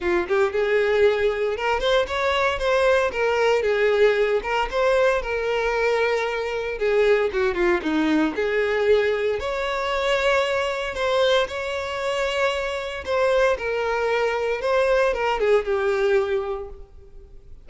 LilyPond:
\new Staff \with { instrumentName = "violin" } { \time 4/4 \tempo 4 = 115 f'8 g'8 gis'2 ais'8 c''8 | cis''4 c''4 ais'4 gis'4~ | gis'8 ais'8 c''4 ais'2~ | ais'4 gis'4 fis'8 f'8 dis'4 |
gis'2 cis''2~ | cis''4 c''4 cis''2~ | cis''4 c''4 ais'2 | c''4 ais'8 gis'8 g'2 | }